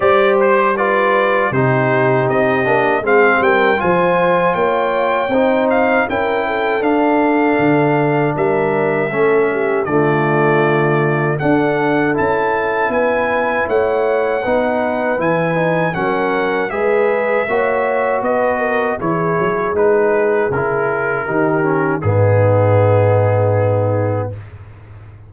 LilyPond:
<<
  \new Staff \with { instrumentName = "trumpet" } { \time 4/4 \tempo 4 = 79 d''8 c''8 d''4 c''4 dis''4 | f''8 g''8 gis''4 g''4. f''8 | g''4 f''2 e''4~ | e''4 d''2 fis''4 |
a''4 gis''4 fis''2 | gis''4 fis''4 e''2 | dis''4 cis''4 b'4 ais'4~ | ais'4 gis'2. | }
  \new Staff \with { instrumentName = "horn" } { \time 4/4 c''4 b'4 g'2 | gis'8 ais'8 c''4 cis''4 c''4 | ais'8 a'2~ a'8 ais'4 | a'8 g'8 f'2 a'4~ |
a'4 b'4 cis''4 b'4~ | b'4 ais'4 b'4 cis''4 | b'8 ais'8 gis'2. | g'4 dis'2. | }
  \new Staff \with { instrumentName = "trombone" } { \time 4/4 g'4 f'4 dis'4. d'8 | c'4 f'2 dis'4 | e'4 d'2. | cis'4 a2 d'4 |
e'2. dis'4 | e'8 dis'8 cis'4 gis'4 fis'4~ | fis'4 e'4 dis'4 e'4 | dis'8 cis'8 b2. | }
  \new Staff \with { instrumentName = "tuba" } { \time 4/4 g2 c4 c'8 ais8 | gis8 g8 f4 ais4 c'4 | cis'4 d'4 d4 g4 | a4 d2 d'4 |
cis'4 b4 a4 b4 | e4 fis4 gis4 ais4 | b4 e8 fis8 gis4 cis4 | dis4 gis,2. | }
>>